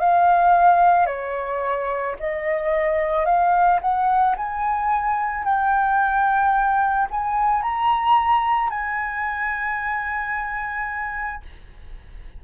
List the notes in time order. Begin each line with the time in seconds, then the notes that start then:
0.00 F5
1.07 C#5
2.20 D#5
3.26 F5
3.81 F#5
4.37 G#5
5.44 G5
7.11 G#5
7.63 A#5
8.70 G#5